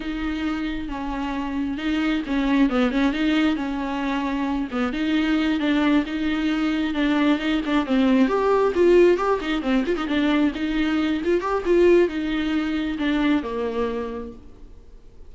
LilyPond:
\new Staff \with { instrumentName = "viola" } { \time 4/4 \tempo 4 = 134 dis'2 cis'2 | dis'4 cis'4 b8 cis'8 dis'4 | cis'2~ cis'8 b8 dis'4~ | dis'8 d'4 dis'2 d'8~ |
d'8 dis'8 d'8 c'4 g'4 f'8~ | f'8 g'8 dis'8 c'8 f'16 dis'16 d'4 dis'8~ | dis'4 f'8 g'8 f'4 dis'4~ | dis'4 d'4 ais2 | }